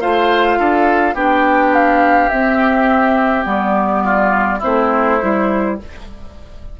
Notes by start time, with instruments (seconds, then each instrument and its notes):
0.00 bassoon A3, clarinet F4, oboe C5, flute F5
0.58 bassoon D4, oboe A4
1.14 bassoon B3, clarinet D4, oboe G4, flute G5
1.74 flute F5
2.29 clarinet C4, bassoon C4, flute E5
3.44 bassoon G3, clarinet B3, flute D5
4.04 oboe F4
4.59 clarinet C4, oboe E4, flute C5
4.65 bassoon A3
5.20 bassoon G3, clarinet E4